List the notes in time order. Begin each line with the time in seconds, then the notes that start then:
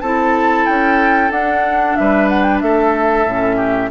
0.00 C4 E4 A4 A5
0.65 C#4 G5
1.30 D4 F#5
1.96 G3 B4 E5
2.28 F#5
2.42 G5
2.61 A3 A4 E5
3.25 A2 C#4
3.56 G4